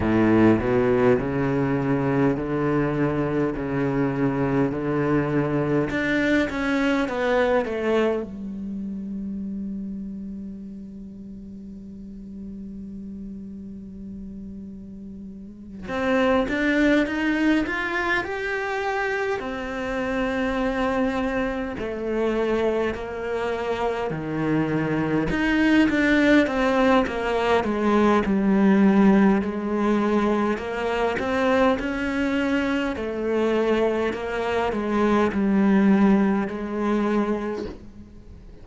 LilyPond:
\new Staff \with { instrumentName = "cello" } { \time 4/4 \tempo 4 = 51 a,8 b,8 cis4 d4 cis4 | d4 d'8 cis'8 b8 a8 g4~ | g1~ | g4. c'8 d'8 dis'8 f'8 g'8~ |
g'8 c'2 a4 ais8~ | ais8 dis4 dis'8 d'8 c'8 ais8 gis8 | g4 gis4 ais8 c'8 cis'4 | a4 ais8 gis8 g4 gis4 | }